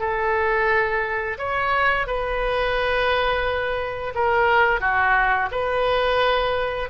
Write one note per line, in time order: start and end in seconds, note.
0.00 1.38 A4
1.38 2.07 C#5
2.07 4.14 B4
4.15 4.81 A#4
4.81 5.50 F#4
5.51 6.89 B4